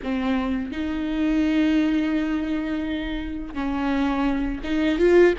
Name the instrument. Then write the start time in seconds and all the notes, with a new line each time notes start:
viola
0.03 C4
0.71 D#4
3.54 C#4
4.63 D#4
4.98 F4